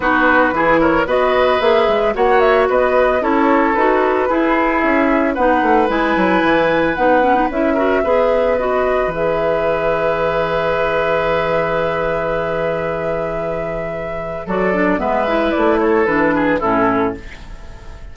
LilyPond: <<
  \new Staff \with { instrumentName = "flute" } { \time 4/4 \tempo 4 = 112 b'4. cis''8 dis''4 e''4 | fis''8 e''8 dis''4 cis''4 b'4~ | b'4 e''4 fis''4 gis''4~ | gis''4 fis''4 e''2 |
dis''4 e''2.~ | e''1~ | e''2. d''4 | e''4 d''8 cis''8 b'4 a'4 | }
  \new Staff \with { instrumentName = "oboe" } { \time 4/4 fis'4 gis'8 ais'8 b'2 | cis''4 b'4 a'2 | gis'2 b'2~ | b'2~ b'8 ais'8 b'4~ |
b'1~ | b'1~ | b'2. a'4 | b'4. a'4 gis'8 e'4 | }
  \new Staff \with { instrumentName = "clarinet" } { \time 4/4 dis'4 e'4 fis'4 gis'4 | fis'2 e'4 fis'4 | e'2 dis'4 e'4~ | e'4 dis'8 cis'16 dis'16 e'8 fis'8 gis'4 |
fis'4 gis'2.~ | gis'1~ | gis'2. fis'8 d'8 | b8 e'4. d'4 cis'4 | }
  \new Staff \with { instrumentName = "bassoon" } { \time 4/4 b4 e4 b4 ais8 gis8 | ais4 b4 cis'4 dis'4 | e'4 cis'4 b8 a8 gis8 fis8 | e4 b4 cis'4 b4~ |
b4 e2.~ | e1~ | e2. fis4 | gis4 a4 e4 a,4 | }
>>